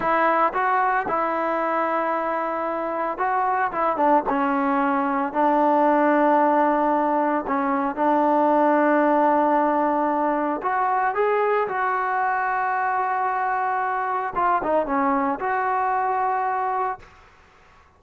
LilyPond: \new Staff \with { instrumentName = "trombone" } { \time 4/4 \tempo 4 = 113 e'4 fis'4 e'2~ | e'2 fis'4 e'8 d'8 | cis'2 d'2~ | d'2 cis'4 d'4~ |
d'1 | fis'4 gis'4 fis'2~ | fis'2. f'8 dis'8 | cis'4 fis'2. | }